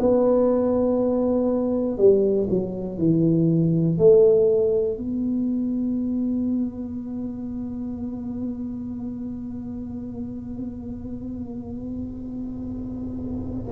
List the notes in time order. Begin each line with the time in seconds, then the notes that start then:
0.00 B3
1.98 G3
2.50 F#3
2.99 E3
3.98 A3
4.97 B3